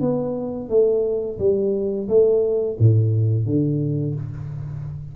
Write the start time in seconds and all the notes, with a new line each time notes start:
0.00 B3
0.69 A3
1.39 G3
2.08 A3
2.79 A2
3.46 D3